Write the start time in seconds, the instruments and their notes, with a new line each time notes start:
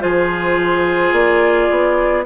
0.00 bassoon F3, clarinet F4, oboe G#4, flute C5
1.12 bassoon A#3, flute D5
1.70 bassoon B3